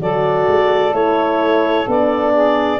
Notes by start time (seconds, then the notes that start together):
0.00 F#3 F#4 A4 D5
0.47 G#3
0.91 A3 E4 C#5
1.87 B3 D4 D5
2.32 G#4